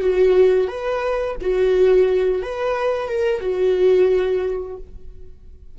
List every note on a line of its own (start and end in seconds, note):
0.00 0.67 F#4
0.67 1.35 B4
1.40 2.42 F#4
2.42 3.07 B4
3.07 3.40 A#4
3.40 4.77 F#4